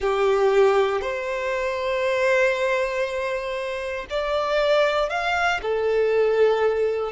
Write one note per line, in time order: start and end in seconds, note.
0.00 1.01 G4
1.01 4.06 C5
4.10 5.09 D5
5.09 5.60 F5
5.62 7.11 A4